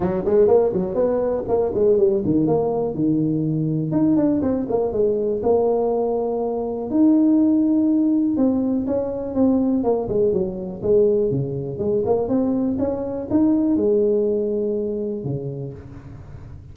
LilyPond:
\new Staff \with { instrumentName = "tuba" } { \time 4/4 \tempo 4 = 122 fis8 gis8 ais8 fis8 b4 ais8 gis8 | g8 dis8 ais4 dis2 | dis'8 d'8 c'8 ais8 gis4 ais4~ | ais2 dis'2~ |
dis'4 c'4 cis'4 c'4 | ais8 gis8 fis4 gis4 cis4 | gis8 ais8 c'4 cis'4 dis'4 | gis2. cis4 | }